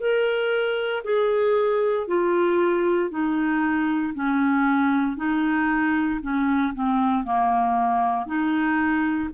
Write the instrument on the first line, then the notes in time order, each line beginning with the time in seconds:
clarinet
0.00 A#4
1.04 G#4
2.07 F4
3.10 D#4
4.15 C#4
5.17 D#4
6.22 C#4
6.74 C4
7.25 A#3
8.26 D#4